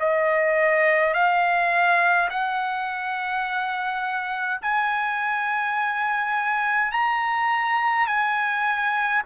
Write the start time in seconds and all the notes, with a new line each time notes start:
0.00 D#5
1.14 F5
2.30 F#5
4.62 G#5
6.92 A#5
8.07 G#5